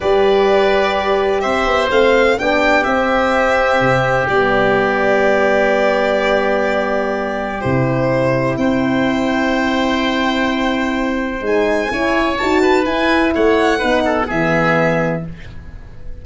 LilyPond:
<<
  \new Staff \with { instrumentName = "violin" } { \time 4/4 \tempo 4 = 126 d''2. e''4 | f''4 g''4 e''2~ | e''4 d''2.~ | d''1 |
c''2 g''2~ | g''1 | gis''2 a''4 gis''4 | fis''2 e''2 | }
  \new Staff \with { instrumentName = "oboe" } { \time 4/4 b'2. c''4~ | c''4 g'2.~ | g'1~ | g'1~ |
g'2 c''2~ | c''1~ | c''4 cis''4. b'4. | cis''4 b'8 a'8 gis'2 | }
  \new Staff \with { instrumentName = "horn" } { \time 4/4 g'1 | c'4 d'4 c'2~ | c'4 b2.~ | b1 |
e'1~ | e'1 | dis'4 e'4 fis'4 e'4~ | e'4 dis'4 b2 | }
  \new Staff \with { instrumentName = "tuba" } { \time 4/4 g2. c'8 b8 | a4 b4 c'2 | c4 g2.~ | g1 |
c2 c'2~ | c'1 | gis4 cis'4 dis'4 e'4 | a4 b4 e2 | }
>>